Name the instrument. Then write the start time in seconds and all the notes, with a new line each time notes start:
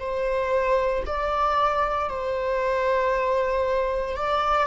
viola
0.00 C5
1.06 D5
2.09 C5
4.16 D5